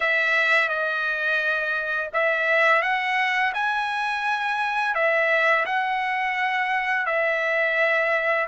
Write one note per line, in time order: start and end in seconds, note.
0.00 0.68 E5
0.68 2.10 D#5
2.13 2.82 E5
2.82 3.52 F#5
3.54 4.94 G#5
4.94 5.65 E5
5.65 7.06 F#5
7.06 8.47 E5